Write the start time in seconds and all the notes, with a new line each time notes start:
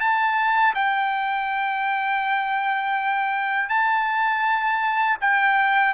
0.00 A5
0.75 G5
3.69 A5
5.21 G5